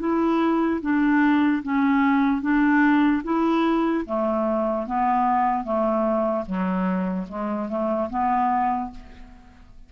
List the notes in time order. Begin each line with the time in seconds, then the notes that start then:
0.00 E4
0.82 D4
1.63 C#4
2.42 D4
3.24 E4
4.06 A3
4.87 B3
5.65 A3
6.46 F#3
7.29 G#3
7.69 A3
8.10 B3